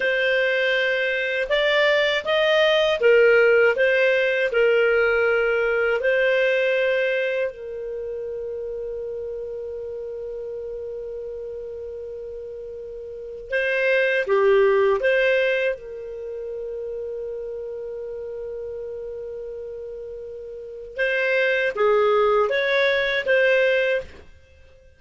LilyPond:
\new Staff \with { instrumentName = "clarinet" } { \time 4/4 \tempo 4 = 80 c''2 d''4 dis''4 | ais'4 c''4 ais'2 | c''2 ais'2~ | ais'1~ |
ais'2 c''4 g'4 | c''4 ais'2.~ | ais'1 | c''4 gis'4 cis''4 c''4 | }